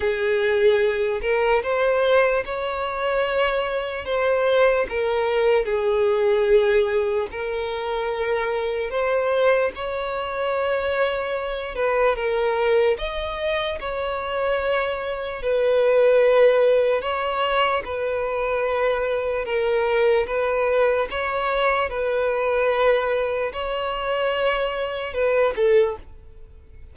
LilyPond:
\new Staff \with { instrumentName = "violin" } { \time 4/4 \tempo 4 = 74 gis'4. ais'8 c''4 cis''4~ | cis''4 c''4 ais'4 gis'4~ | gis'4 ais'2 c''4 | cis''2~ cis''8 b'8 ais'4 |
dis''4 cis''2 b'4~ | b'4 cis''4 b'2 | ais'4 b'4 cis''4 b'4~ | b'4 cis''2 b'8 a'8 | }